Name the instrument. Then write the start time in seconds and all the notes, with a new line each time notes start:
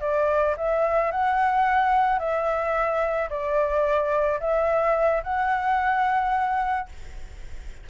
flute
0.00 D5
0.57 E5
1.11 F#5
2.19 E5
3.29 D5
4.40 E5
5.23 F#5